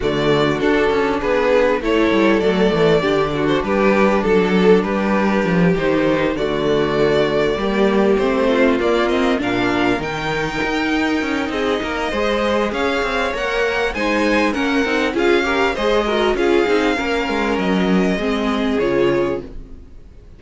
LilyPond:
<<
  \new Staff \with { instrumentName = "violin" } { \time 4/4 \tempo 4 = 99 d''4 a'4 b'4 cis''4 | d''4.~ d''16 c''16 b'4 a'4 | b'4. c''4 d''4.~ | d''4. c''4 d''8 dis''8 f''8~ |
f''8 g''2~ g''8 dis''4~ | dis''4 f''4 fis''4 gis''4 | fis''4 f''4 dis''4 f''4~ | f''4 dis''2 cis''4 | }
  \new Staff \with { instrumentName = "violin" } { \time 4/4 fis'2 gis'4 a'4~ | a'4 g'8 fis'8 g'4 a'4 | g'2~ g'8 fis'4.~ | fis'8 g'4. f'4. ais'8~ |
ais'2. gis'8 ais'8 | c''4 cis''2 c''4 | ais'4 gis'8 ais'8 c''8 ais'8 gis'4 | ais'2 gis'2 | }
  \new Staff \with { instrumentName = "viola" } { \time 4/4 a4 d'2 e'4 | a4 d'2.~ | d'4. dis'4 a4.~ | a8 ais4 c'4 ais8 c'8 d'8~ |
d'8 dis'2.~ dis'8 | gis'2 ais'4 dis'4 | cis'8 dis'8 f'8 g'8 gis'8 fis'8 f'8 dis'8 | cis'2 c'4 f'4 | }
  \new Staff \with { instrumentName = "cello" } { \time 4/4 d4 d'8 cis'8 b4 a8 g8 | fis8 e8 d4 g4 fis4 | g4 f8 dis4 d4.~ | d8 g4 a4 ais4 ais,8~ |
ais,8 dis4 dis'4 cis'8 c'8 ais8 | gis4 cis'8 c'8 ais4 gis4 | ais8 c'8 cis'4 gis4 cis'8 c'8 | ais8 gis8 fis4 gis4 cis4 | }
>>